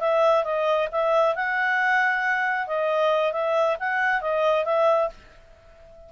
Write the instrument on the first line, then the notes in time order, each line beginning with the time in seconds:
clarinet
0.00 E5
0.44 D#5
0.92 E5
1.35 F#5
2.67 D#5
3.32 E5
3.79 F#5
4.21 D#5
4.65 E5